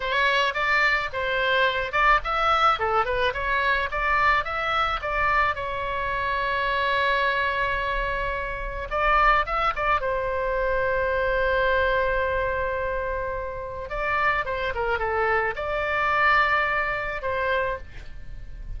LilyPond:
\new Staff \with { instrumentName = "oboe" } { \time 4/4 \tempo 4 = 108 cis''4 d''4 c''4. d''8 | e''4 a'8 b'8 cis''4 d''4 | e''4 d''4 cis''2~ | cis''1 |
d''4 e''8 d''8 c''2~ | c''1~ | c''4 d''4 c''8 ais'8 a'4 | d''2. c''4 | }